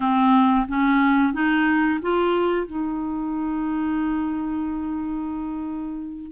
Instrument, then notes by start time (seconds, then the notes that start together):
clarinet
0.00 C4
0.68 C#4
1.33 D#4
2.02 F4
2.66 D#4